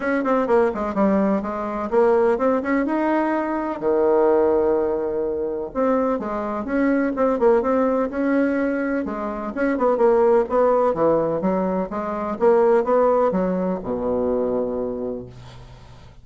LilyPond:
\new Staff \with { instrumentName = "bassoon" } { \time 4/4 \tempo 4 = 126 cis'8 c'8 ais8 gis8 g4 gis4 | ais4 c'8 cis'8 dis'2 | dis1 | c'4 gis4 cis'4 c'8 ais8 |
c'4 cis'2 gis4 | cis'8 b8 ais4 b4 e4 | fis4 gis4 ais4 b4 | fis4 b,2. | }